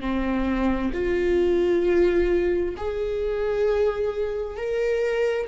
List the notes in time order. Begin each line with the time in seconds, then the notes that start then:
0.00 C4
0.93 F4
2.77 G#4
4.57 A#4